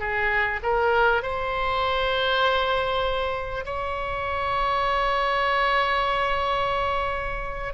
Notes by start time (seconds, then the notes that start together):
0.00 G#4
0.63 A#4
1.23 C5
3.66 C#5